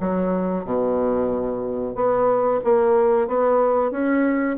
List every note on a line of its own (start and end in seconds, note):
0.00 0.65 F#3
0.65 1.95 B2
1.95 2.60 B3
2.64 3.27 A#3
3.27 3.91 B3
3.91 4.56 C#4